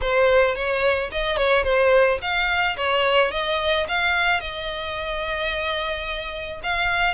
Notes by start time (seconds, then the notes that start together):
0.01 C5
0.55 C#5
1.11 D#5
1.37 C#5
1.63 C5
2.21 F5
2.76 C#5
3.31 D#5
3.88 F5
4.40 D#5
6.63 F5